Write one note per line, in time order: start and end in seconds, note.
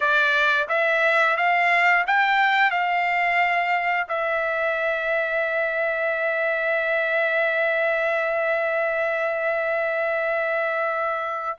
0.00 0.68 D5
0.68 1.36 E5
1.36 2.05 F5
2.06 2.71 G5
2.71 4.07 F5
4.08 11.58 E5